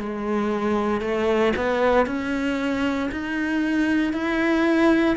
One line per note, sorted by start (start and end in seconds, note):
0.00 1.01 G#3
1.01 1.53 A3
1.57 2.06 B3
2.06 3.10 C#4
3.12 4.13 D#4
4.13 5.17 E4